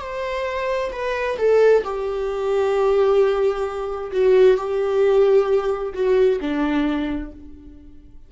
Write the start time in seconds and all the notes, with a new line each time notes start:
0.00 C5
0.92 B4
1.38 A4
1.83 G4
4.11 F#4
4.57 G4
5.93 F#4
6.40 D4